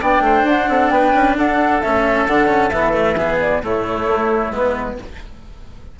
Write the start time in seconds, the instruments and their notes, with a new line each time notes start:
0.00 bassoon B3, cello D4, oboe D5, flute G5
0.20 bassoon A3, oboe C5
0.44 bassoon D4, flute F#5
0.68 bassoon C4, oboe A4
0.90 bassoon B3, oboe B4, flute G5
1.14 bassoon C#4
1.36 bassoon D4, oboe A4, flute F#5
1.81 bassoon A3, cello C#4, flute E5
2.27 bassoon D3, cello D4, flute F#5
2.48 cello C#4
2.70 bassoon E3, cello B3, flute E5
2.93 cello A3
3.17 cello B3, oboe G#4
3.40 flute D5
3.61 bassoon A2, cello A3, oboe E4, flute C#5
4.07 bassoon A3
4.50 bassoon G#3, cello B3, flute B4